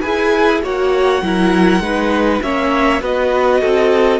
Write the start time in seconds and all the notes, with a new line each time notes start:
0.00 E4 G#4 B4 G#5
0.61 A#3 F#4 C#5 F#5
1.22 F#3 E4 A#4
1.79 G#3 D#4 B4
2.42 A#3 C#4 C#5 E5
3.00 B3 F#4 B4 D#5
3.60 C4 A4